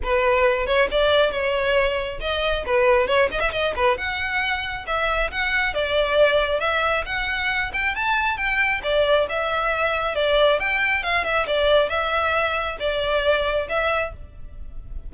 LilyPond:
\new Staff \with { instrumentName = "violin" } { \time 4/4 \tempo 4 = 136 b'4. cis''8 d''4 cis''4~ | cis''4 dis''4 b'4 cis''8 dis''16 e''16 | dis''8 b'8 fis''2 e''4 | fis''4 d''2 e''4 |
fis''4. g''8 a''4 g''4 | d''4 e''2 d''4 | g''4 f''8 e''8 d''4 e''4~ | e''4 d''2 e''4 | }